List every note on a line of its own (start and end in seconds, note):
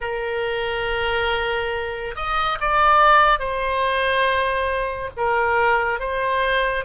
0.00 2.15 A#4
2.15 2.58 D#5
2.60 3.39 D5
3.39 5.10 C5
5.17 5.99 A#4
5.99 6.85 C5